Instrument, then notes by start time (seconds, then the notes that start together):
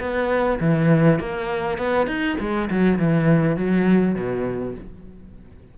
cello
0.00 B3
0.60 E3
1.20 A#3
1.78 B3
2.07 D#4
2.40 G#3
2.70 F#3
2.99 E3
3.57 F#3
4.15 B2